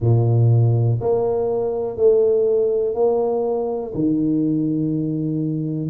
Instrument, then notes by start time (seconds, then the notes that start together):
tuba
0.00 A#2
1.00 A#3
1.96 A3
2.94 A#3
3.94 D#3